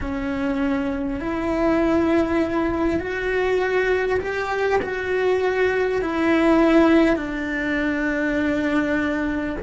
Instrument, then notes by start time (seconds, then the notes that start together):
cello
0.00 C#4
1.20 E4
2.99 F#4
4.19 G4
4.82 F#4
6.01 E4
7.16 D4